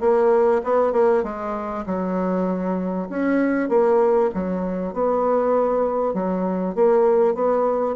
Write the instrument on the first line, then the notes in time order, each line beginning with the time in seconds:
bassoon
0.00 A#3
0.64 B3
0.93 A#3
1.24 G#3
1.86 F#3
3.09 C#4
3.69 A#3
4.34 F#3
4.93 B3
6.14 F#3
6.75 A#3
7.35 B3